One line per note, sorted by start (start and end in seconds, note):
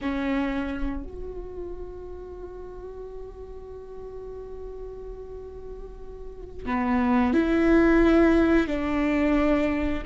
0.01 1.03 C#4
1.03 6.65 F#4
6.65 7.33 B3
7.33 8.67 E4
8.67 10.03 D4